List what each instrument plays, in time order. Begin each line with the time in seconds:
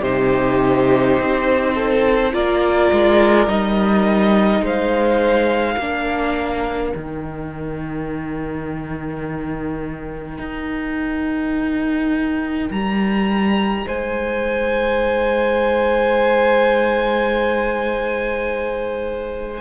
0.00 cello C3, viola D#4, violin G4 C5
1.19 cello C4
1.75 violin A4
2.33 cello A#3, viola F4, violin A#4 D5
2.92 cello G#3
3.47 cello G3, viola D#4, violin D#5
4.61 cello G#3, violin C5 F5
5.77 cello A#3, viola D4, violin A#4
6.96 cello D#3, viola D#4, violin G5
10.38 cello D#4
12.71 cello G3, violin A#5
13.87 cello G#3, violin C5 G#5